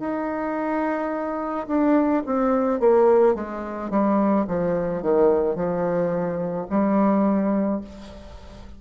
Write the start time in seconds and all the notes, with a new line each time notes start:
0.00 D#4
1.68 D4
2.26 C4
2.80 A#3
3.35 G#3
3.90 G3
4.47 F3
5.03 D#3
5.56 F3
6.70 G3